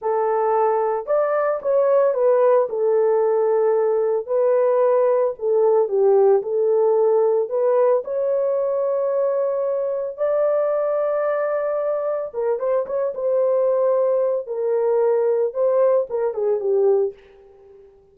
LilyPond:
\new Staff \with { instrumentName = "horn" } { \time 4/4 \tempo 4 = 112 a'2 d''4 cis''4 | b'4 a'2. | b'2 a'4 g'4 | a'2 b'4 cis''4~ |
cis''2. d''4~ | d''2. ais'8 c''8 | cis''8 c''2~ c''8 ais'4~ | ais'4 c''4 ais'8 gis'8 g'4 | }